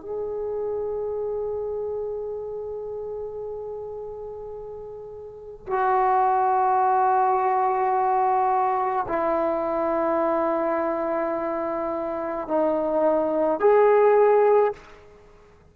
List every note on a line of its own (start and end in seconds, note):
0.00 5.66 G#4
5.67 9.06 F#4
9.08 12.47 E4
12.47 13.60 D#4
13.60 14.73 G#4